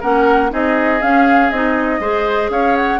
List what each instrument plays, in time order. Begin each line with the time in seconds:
0.00 bassoon A#3, clarinet C#4, oboe A#4, flute F#5
0.50 bassoon C4, clarinet D#4, oboe G#4, flute D#5
1.01 clarinet C#4, bassoon C#4, flute F5
1.50 bassoon C4, clarinet D#4, flute D#5
1.99 bassoon G#3, clarinet G#4, oboe C5
2.49 bassoon C#4, oboe C#5, flute F5
2.76 flute F#5